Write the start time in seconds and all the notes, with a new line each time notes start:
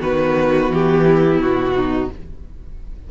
0.00 D#3 B3 F#4 B4
0.69 E3 G4
1.06 E4
1.40 B2 F#4
1.75 D#4